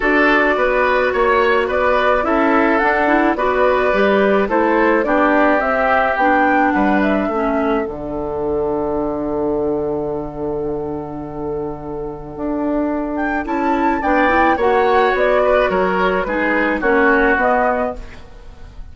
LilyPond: <<
  \new Staff \with { instrumentName = "flute" } { \time 4/4 \tempo 4 = 107 d''2 cis''4 d''4 | e''4 fis''4 d''2 | c''4 d''4 e''4 g''4 | fis''8 e''4. fis''2~ |
fis''1~ | fis''2.~ fis''8 g''8 | a''4 g''4 fis''4 d''4 | cis''4 b'4 cis''4 dis''4 | }
  \new Staff \with { instrumentName = "oboe" } { \time 4/4 a'4 b'4 cis''4 b'4 | a'2 b'2 | a'4 g'2. | b'4 a'2.~ |
a'1~ | a'1~ | a'4 d''4 cis''4. b'8 | ais'4 gis'4 fis'2 | }
  \new Staff \with { instrumentName = "clarinet" } { \time 4/4 fis'1 | e'4 d'8 e'8 fis'4 g'4 | e'4 d'4 c'4 d'4~ | d'4 cis'4 d'2~ |
d'1~ | d'1 | e'4 d'8 e'8 fis'2~ | fis'4 dis'4 cis'4 b4 | }
  \new Staff \with { instrumentName = "bassoon" } { \time 4/4 d'4 b4 ais4 b4 | cis'4 d'4 b4 g4 | a4 b4 c'4 b4 | g4 a4 d2~ |
d1~ | d2 d'2 | cis'4 b4 ais4 b4 | fis4 gis4 ais4 b4 | }
>>